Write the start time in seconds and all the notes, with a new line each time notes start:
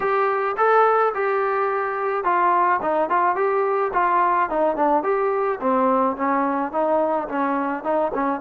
0.00 G4
0.57 A4
1.14 G4
2.24 F4
2.82 D#4
3.09 F4
3.35 G4
3.93 F4
4.49 D#4
4.75 D4
5.03 G4
5.60 C4
6.16 C#4
6.72 D#4
7.28 C#4
7.83 D#4
8.14 C#4